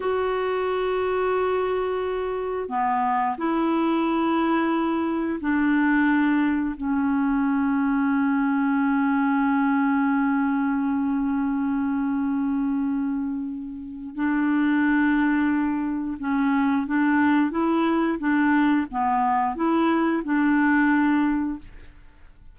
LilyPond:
\new Staff \with { instrumentName = "clarinet" } { \time 4/4 \tempo 4 = 89 fis'1 | b4 e'2. | d'2 cis'2~ | cis'1~ |
cis'1~ | cis'4 d'2. | cis'4 d'4 e'4 d'4 | b4 e'4 d'2 | }